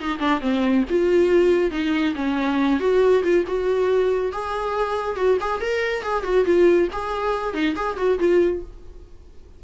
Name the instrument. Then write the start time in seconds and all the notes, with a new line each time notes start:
viola
0.00 D#4
0.19 D4
0.41 C4
0.90 F4
1.71 D#4
2.15 C#4
2.80 F#4
3.23 F4
3.47 F#4
4.32 G#4
5.16 F#4
5.41 G#4
5.61 A#4
6.03 G#4
6.24 F#4
6.45 F4
6.92 G#4
7.54 D#4
7.76 G#4
7.97 F#4
8.19 F4